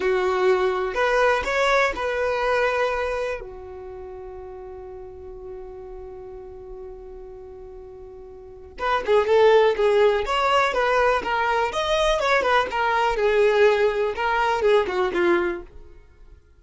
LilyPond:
\new Staff \with { instrumentName = "violin" } { \time 4/4 \tempo 4 = 123 fis'2 b'4 cis''4 | b'2. fis'4~ | fis'1~ | fis'1~ |
fis'2 b'8 gis'8 a'4 | gis'4 cis''4 b'4 ais'4 | dis''4 cis''8 b'8 ais'4 gis'4~ | gis'4 ais'4 gis'8 fis'8 f'4 | }